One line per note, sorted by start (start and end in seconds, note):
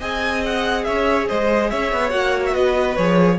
0.00 0.86 C4
0.00 2.10 G#4
0.00 0.85 D#5
0.00 0.44 G#5
0.46 0.84 F#5
0.84 1.29 C#4
0.84 1.29 C#5
0.84 1.26 E5
1.29 1.72 G#3
1.29 1.71 C5
1.29 1.70 D#5
1.70 1.93 C#4
1.70 2.53 C#5
1.70 2.10 E5
1.93 2.12 B3
2.10 2.55 A#3
2.10 2.94 F#4
2.10 2.42 F#5
2.46 2.54 E5
2.53 2.97 B3
2.53 3.37 B4
2.53 2.96 D#5
2.96 3.39 F3
2.96 3.39 G#4
2.96 3.38 C#5